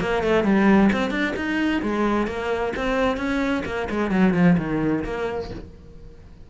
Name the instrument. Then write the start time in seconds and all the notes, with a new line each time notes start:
cello
0.00 A#3
0.23 A3
0.44 G3
0.92 C4
1.10 D4
1.36 D#4
1.82 G#3
2.27 A#3
2.76 C4
3.17 C#4
3.65 A#3
3.90 G#3
4.11 F#3
4.34 F3
4.58 D#3
5.04 A#3